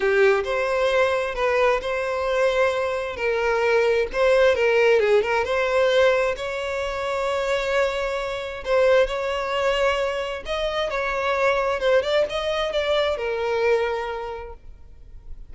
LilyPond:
\new Staff \with { instrumentName = "violin" } { \time 4/4 \tempo 4 = 132 g'4 c''2 b'4 | c''2. ais'4~ | ais'4 c''4 ais'4 gis'8 ais'8 | c''2 cis''2~ |
cis''2. c''4 | cis''2. dis''4 | cis''2 c''8 d''8 dis''4 | d''4 ais'2. | }